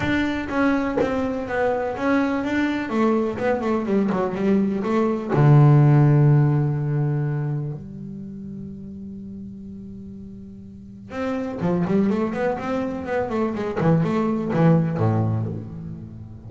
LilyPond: \new Staff \with { instrumentName = "double bass" } { \time 4/4 \tempo 4 = 124 d'4 cis'4 c'4 b4 | cis'4 d'4 a4 b8 a8 | g8 fis8 g4 a4 d4~ | d1 |
g1~ | g2. c'4 | f8 g8 a8 b8 c'4 b8 a8 | gis8 e8 a4 e4 a,4 | }